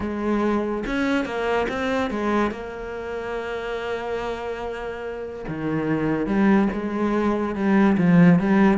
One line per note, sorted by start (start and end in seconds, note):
0.00 0.84 G#3
0.86 1.25 C#4
1.25 1.67 A#3
1.68 2.10 C4
2.10 2.51 G#3
2.51 5.45 A#3
5.48 6.26 D#3
6.26 6.68 G3
6.72 7.55 G#3
7.55 7.97 G3
7.97 8.39 F3
8.39 8.77 G3